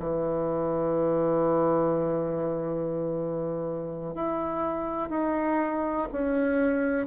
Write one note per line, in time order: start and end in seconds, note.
0.00 4.15 E3
4.15 5.10 E4
5.10 6.08 D#4
6.13 7.07 C#4